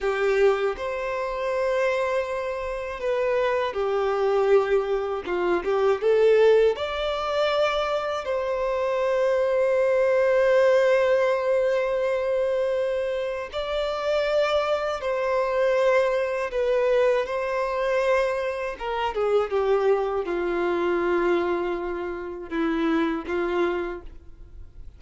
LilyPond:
\new Staff \with { instrumentName = "violin" } { \time 4/4 \tempo 4 = 80 g'4 c''2. | b'4 g'2 f'8 g'8 | a'4 d''2 c''4~ | c''1~ |
c''2 d''2 | c''2 b'4 c''4~ | c''4 ais'8 gis'8 g'4 f'4~ | f'2 e'4 f'4 | }